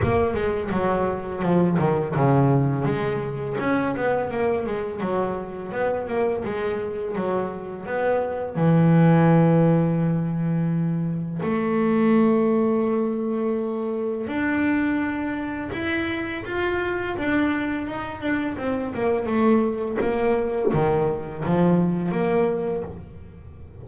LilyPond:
\new Staff \with { instrumentName = "double bass" } { \time 4/4 \tempo 4 = 84 ais8 gis8 fis4 f8 dis8 cis4 | gis4 cis'8 b8 ais8 gis8 fis4 | b8 ais8 gis4 fis4 b4 | e1 |
a1 | d'2 e'4 f'4 | d'4 dis'8 d'8 c'8 ais8 a4 | ais4 dis4 f4 ais4 | }